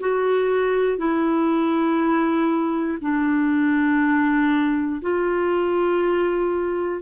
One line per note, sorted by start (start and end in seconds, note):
0.00 0.97 F#4
0.97 2.97 E4
3.01 5.01 D4
5.01 7.01 F4